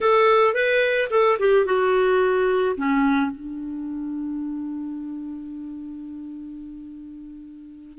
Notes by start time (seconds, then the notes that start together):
0.00 A4
0.54 B4
1.10 A4
1.39 G4
1.65 F#4
2.76 C#4
3.31 D4